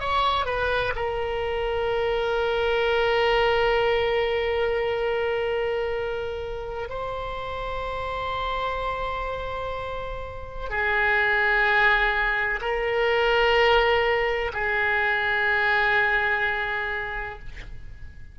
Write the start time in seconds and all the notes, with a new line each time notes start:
0.00 C#5
0.46 B4
0.96 A#4
6.89 C5
10.70 G#4
12.61 A#4
14.53 G#4